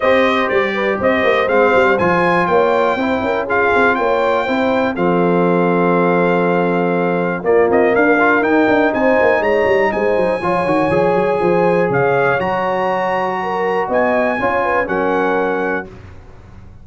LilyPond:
<<
  \new Staff \with { instrumentName = "trumpet" } { \time 4/4 \tempo 4 = 121 dis''4 d''4 dis''4 f''4 | gis''4 g''2 f''4 | g''2 f''2~ | f''2. d''8 dis''8 |
f''4 g''4 gis''4 ais''4 | gis''1 | f''4 ais''2. | gis''2 fis''2 | }
  \new Staff \with { instrumentName = "horn" } { \time 4/4 c''4. b'8 c''2~ | c''4 cis''4 c''8 ais'8 gis'4 | cis''4 c''4 a'2~ | a'2. f'4 |
ais'2 c''4 cis''4 | c''4 cis''2 c''4 | cis''2. ais'4 | dis''4 cis''8 b'8 ais'2 | }
  \new Staff \with { instrumentName = "trombone" } { \time 4/4 g'2. c'4 | f'2 e'4 f'4~ | f'4 e'4 c'2~ | c'2. ais4~ |
ais8 f'8 dis'2.~ | dis'4 f'8 fis'8 gis'2~ | gis'4 fis'2.~ | fis'4 f'4 cis'2 | }
  \new Staff \with { instrumentName = "tuba" } { \time 4/4 c'4 g4 c'8 ais8 gis8 g8 | f4 ais4 c'8 cis'4 c'8 | ais4 c'4 f2~ | f2. ais8 c'8 |
d'4 dis'8 d'8 c'8 ais8 gis8 g8 | gis8 fis8 f8 dis8 f8 fis8 f4 | cis4 fis2. | b4 cis'4 fis2 | }
>>